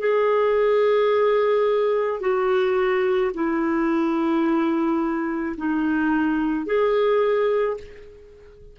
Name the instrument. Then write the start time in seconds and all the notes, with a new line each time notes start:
clarinet
0.00 G#4
2.21 F#4
3.34 E4
5.58 D#4
6.66 G#4